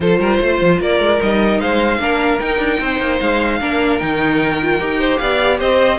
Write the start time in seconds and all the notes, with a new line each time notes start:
0.00 F3 F4 A4 C5
0.19 G3 A#4
0.40 A3 C5
0.61 F3
0.80 A#3 A#4 D5
0.99 G#3
1.18 G3 D#4 D#5
1.60 G#3 C5 F5
1.99 A#3 D4 A#4
2.39 D#4 G5
2.58 D4
2.79 C4 C5
3.00 A#3
3.20 G#3 F5
3.60 A#3 D4 A#4
3.99 D#3 D#4 G5
4.62 F4
4.79 D#4 G4
4.99 C5
5.17 B3 D5 F5
5.58 C4 C5 D#5